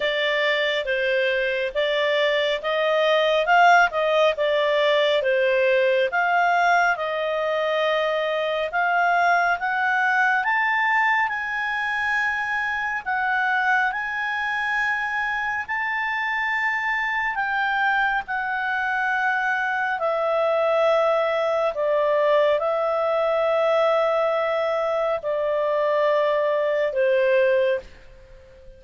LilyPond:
\new Staff \with { instrumentName = "clarinet" } { \time 4/4 \tempo 4 = 69 d''4 c''4 d''4 dis''4 | f''8 dis''8 d''4 c''4 f''4 | dis''2 f''4 fis''4 | a''4 gis''2 fis''4 |
gis''2 a''2 | g''4 fis''2 e''4~ | e''4 d''4 e''2~ | e''4 d''2 c''4 | }